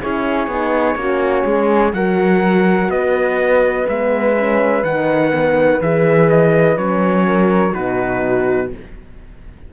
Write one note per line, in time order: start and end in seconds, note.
0.00 0.47 C#4
0.00 0.49 E4
0.00 0.97 G#4
0.00 1.93 C#5
0.47 0.95 B3
0.47 0.96 D#4
0.95 1.43 A#3
0.95 1.93 C#4
0.95 1.44 F#4
1.44 1.93 G#3
1.44 1.92 G#4
1.93 2.88 F#3
1.93 3.88 F#4
1.93 2.90 A#4
1.93 2.90 F#5
2.88 3.85 B3
2.88 7.26 B4
2.88 3.87 D#5
3.88 4.83 G#3
3.88 4.36 B3
3.88 4.84 E5
4.36 4.84 C#4
4.83 5.80 D#3
4.83 5.31 D#4
4.83 5.80 F#5
5.31 5.79 B3
5.80 6.76 E3
5.80 6.77 G#4
5.80 6.29 E5
6.29 6.77 D#5
6.76 7.73 F#3
6.76 7.72 C#4
6.76 7.74 C#5
7.26 7.72 A#4
7.72 8.73 B2
7.72 8.69 D#4
7.72 8.68 F#4
7.72 8.70 B4